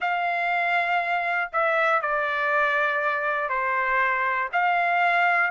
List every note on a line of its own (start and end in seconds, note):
0.00 1.50 F5
1.52 2.01 E5
2.01 3.49 D5
3.49 4.49 C5
4.52 5.50 F5